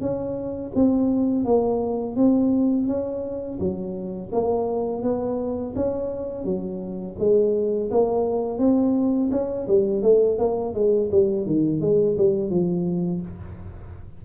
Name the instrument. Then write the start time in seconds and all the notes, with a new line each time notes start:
tuba
0.00 C#4
0.74 C4
1.44 A#3
2.16 C4
2.87 C#4
3.59 F#3
4.32 A#3
5.02 B3
5.75 C#4
6.44 F#3
7.19 G#3
7.91 A#3
8.58 C4
9.31 C#4
9.67 G3
10.02 A3
10.38 A#3
10.74 G#3
11.11 G3
11.45 D#3
11.81 G#3
12.17 G3
12.49 F3